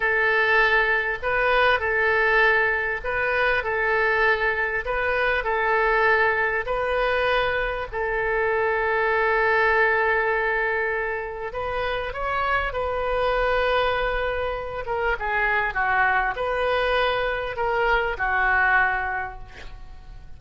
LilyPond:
\new Staff \with { instrumentName = "oboe" } { \time 4/4 \tempo 4 = 99 a'2 b'4 a'4~ | a'4 b'4 a'2 | b'4 a'2 b'4~ | b'4 a'2.~ |
a'2. b'4 | cis''4 b'2.~ | b'8 ais'8 gis'4 fis'4 b'4~ | b'4 ais'4 fis'2 | }